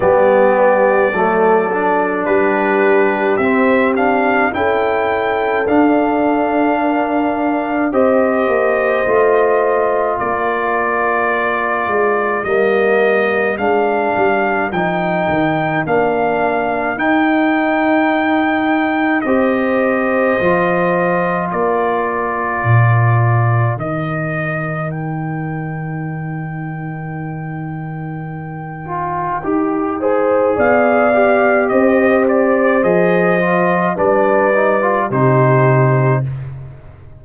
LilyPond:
<<
  \new Staff \with { instrumentName = "trumpet" } { \time 4/4 \tempo 4 = 53 d''2 b'4 e''8 f''8 | g''4 f''2 dis''4~ | dis''4 d''2 dis''4 | f''4 g''4 f''4 g''4~ |
g''4 dis''2 d''4~ | d''4 dis''4 g''2~ | g''2. f''4 | dis''8 d''8 dis''4 d''4 c''4 | }
  \new Staff \with { instrumentName = "horn" } { \time 4/4 g'4 a'4 g'2 | a'2 ais'4 c''4~ | c''4 ais'2.~ | ais'1~ |
ais'4 c''2 ais'4~ | ais'1~ | ais'2~ ais'8 c''8 d''4 | c''2 b'4 g'4 | }
  \new Staff \with { instrumentName = "trombone" } { \time 4/4 b4 a8 d'4. c'8 d'8 | e'4 d'2 g'4 | f'2. ais4 | d'4 dis'4 d'4 dis'4~ |
dis'4 g'4 f'2~ | f'4 dis'2.~ | dis'4. f'8 g'8 gis'4 g'8~ | g'4 gis'8 f'8 d'8 dis'16 f'16 dis'4 | }
  \new Staff \with { instrumentName = "tuba" } { \time 4/4 g4 fis4 g4 c'4 | cis'4 d'2 c'8 ais8 | a4 ais4. gis8 g4 | gis8 g8 f8 dis8 ais4 dis'4~ |
dis'4 c'4 f4 ais4 | ais,4 dis2.~ | dis2 dis'4 b4 | c'4 f4 g4 c4 | }
>>